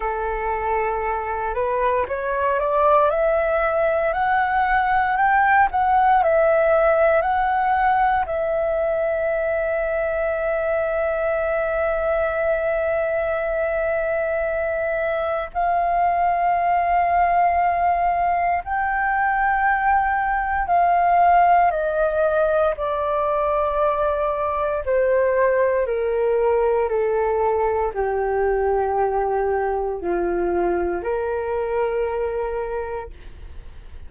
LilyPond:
\new Staff \with { instrumentName = "flute" } { \time 4/4 \tempo 4 = 58 a'4. b'8 cis''8 d''8 e''4 | fis''4 g''8 fis''8 e''4 fis''4 | e''1~ | e''2. f''4~ |
f''2 g''2 | f''4 dis''4 d''2 | c''4 ais'4 a'4 g'4~ | g'4 f'4 ais'2 | }